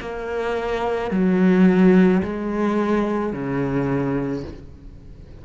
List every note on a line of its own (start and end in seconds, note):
0.00 1.11 A#3
1.11 2.22 F#3
2.23 3.33 G#3
3.33 4.44 C#3